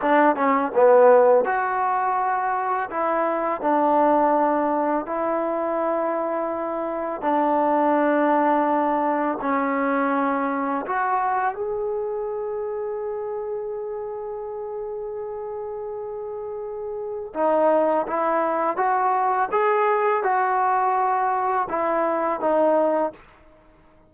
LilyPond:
\new Staff \with { instrumentName = "trombone" } { \time 4/4 \tempo 4 = 83 d'8 cis'8 b4 fis'2 | e'4 d'2 e'4~ | e'2 d'2~ | d'4 cis'2 fis'4 |
gis'1~ | gis'1 | dis'4 e'4 fis'4 gis'4 | fis'2 e'4 dis'4 | }